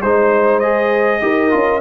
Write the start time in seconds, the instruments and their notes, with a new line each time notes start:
0.00 tuba G#3, trombone D#4, horn C5, trumpet C5
0.59 trombone G#4, trumpet D#5
1.20 tuba D#4, trombone G4, horn A#4
1.50 tuba C#4, trombone F4